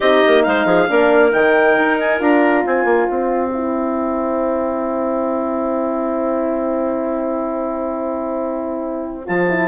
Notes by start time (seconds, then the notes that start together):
0.00 C4 D#4 G4 D#5
0.26 A#3
0.43 G#3 C5 F5
0.65 F3 G#4
0.88 A#3 D4 A#4
1.31 D#3 D#4 G5
1.77 D#4
1.99 G#5
2.18 D4 F4 A#5
2.64 C4 C5 G#5
2.84 A#3
3.10 C4 G5
3.53 E4
9.25 F3 F4 A5
9.48 E4